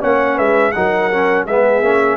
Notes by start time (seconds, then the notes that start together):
0.00 A#3 C#4 C#5 F#5
0.35 G#3 B4 E5
0.72 F#3 D#4 A#4 F#5
1.11 C#4
1.46 G#3 B3 G#4 E5
1.82 A#3 C#4